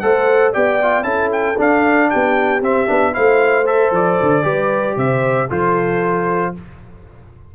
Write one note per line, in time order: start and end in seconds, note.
0.00 0.55 A3
0.00 0.53 A4
0.00 0.53 C5
0.00 0.52 F#5
0.53 1.04 B3
0.53 0.79 G4
0.53 1.05 D5
0.53 1.04 G5
0.83 1.03 F4
1.03 1.56 C#4
1.03 1.56 E4
1.03 2.09 A4
1.03 1.30 A5
1.32 1.58 G5
1.58 2.62 D4
1.58 2.11 D4
1.58 2.10 F5
2.10 2.61 B3
2.10 3.14 G4
2.10 2.63 G5
2.61 2.87 C4
2.61 3.14 E5
2.87 3.16 B3
2.87 3.12 D4
3.12 3.91 A3
3.12 3.65 E4
3.12 4.44 C5
3.12 3.67 F5
3.67 4.43 A4
3.67 3.93 E5
3.91 4.17 F3
3.91 4.98 D5
4.23 4.45 D3
4.43 4.97 G3
4.43 5.47 G4
4.43 4.97 B4
4.97 5.49 C3
4.97 5.49 C5
4.97 5.50 E5
5.49 6.55 F3
5.49 6.55 F4
5.49 6.53 A4
5.49 6.56 C5